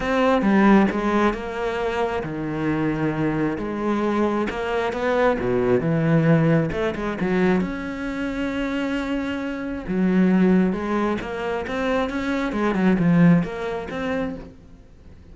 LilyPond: \new Staff \with { instrumentName = "cello" } { \time 4/4 \tempo 4 = 134 c'4 g4 gis4 ais4~ | ais4 dis2. | gis2 ais4 b4 | b,4 e2 a8 gis8 |
fis4 cis'2.~ | cis'2 fis2 | gis4 ais4 c'4 cis'4 | gis8 fis8 f4 ais4 c'4 | }